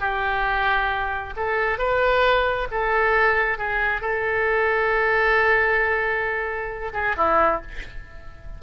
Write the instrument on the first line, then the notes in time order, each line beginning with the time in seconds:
oboe
0.00 G4
1.37 A4
1.78 B4
2.71 A4
3.58 G#4
4.01 A4
6.93 G#4
7.17 E4